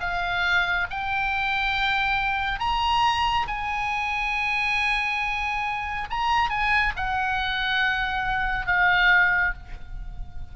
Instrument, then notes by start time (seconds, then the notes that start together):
oboe
0.00 F5
0.90 G5
2.60 A#5
3.47 G#5
6.10 A#5
6.50 G#5
6.96 F#5
8.67 F5